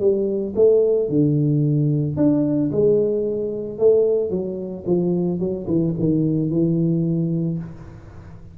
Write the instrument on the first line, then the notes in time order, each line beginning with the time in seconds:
tuba
0.00 G3
0.56 A3
1.09 D3
2.17 D4
2.72 G#3
3.79 A3
4.30 F#3
4.86 F3
5.39 F#3
5.67 E3
5.99 D#3
6.50 E3